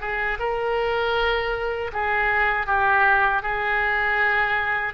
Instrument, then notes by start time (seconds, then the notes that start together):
oboe
0.00 G#4
0.39 A#4
1.92 G#4
2.67 G4
3.42 G#4